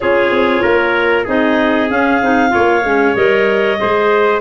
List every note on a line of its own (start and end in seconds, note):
0.00 0.30 C#4
0.00 1.27 F4
0.00 0.62 G#4
0.00 1.25 C#5
0.30 0.61 C4
0.62 1.27 A#3
0.62 1.24 A#4
1.24 1.90 C4
1.24 1.89 D#4
1.24 2.50 G#4
1.24 1.90 D#5
1.89 2.21 C#4
1.89 3.15 F5
2.21 2.53 C4
2.21 2.49 D#4
2.49 2.80 F4
2.49 3.79 C#5
2.55 2.83 A#3
2.83 3.15 G#3
2.83 3.16 C#4
3.15 3.78 G3
3.15 3.78 A#4
3.15 4.40 D#5
3.78 4.40 G#3
3.78 4.40 G#4
3.78 4.40 C5